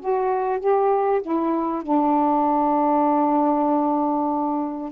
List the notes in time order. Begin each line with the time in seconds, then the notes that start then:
0.00 F#4
0.60 G4
1.22 E4
1.83 D4